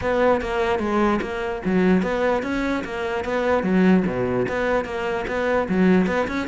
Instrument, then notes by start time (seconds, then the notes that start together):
cello
0.01 B3
0.41 A#3
0.79 G#3
1.21 A#3
1.65 F#3
2.02 B3
2.43 C#4
2.84 A#3
3.24 B3
3.63 F#3
4.06 B2
4.48 B3
4.84 A#3
5.27 B3
5.69 F#3
6.06 B3
6.27 C#4